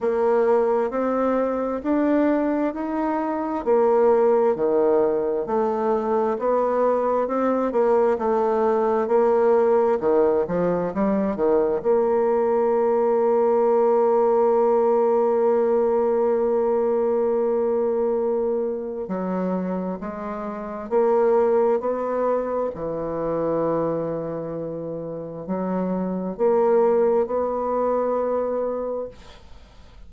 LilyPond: \new Staff \with { instrumentName = "bassoon" } { \time 4/4 \tempo 4 = 66 ais4 c'4 d'4 dis'4 | ais4 dis4 a4 b4 | c'8 ais8 a4 ais4 dis8 f8 | g8 dis8 ais2.~ |
ais1~ | ais4 fis4 gis4 ais4 | b4 e2. | fis4 ais4 b2 | }